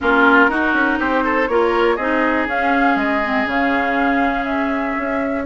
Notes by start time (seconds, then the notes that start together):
0.00 A#3 C#4 F4 A#4
0.48 D#4 F#4
0.73 C#4
0.98 C4 G4 C5
1.23 A4
1.47 A#3 F4 A#4 C#5
1.95 C4 D#4 G#4 D#5
2.47 C#4 F5
2.95 G#3 D#5
3.24 C4
3.45 C#3 C#4 F5
4.44 E5
4.98 C#4